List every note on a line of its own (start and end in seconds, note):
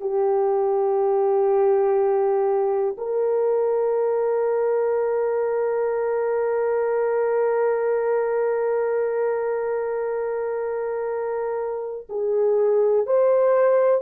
0.00 2.95 G4
2.97 12.07 A#4
12.09 13.06 G#4
13.06 14.01 C5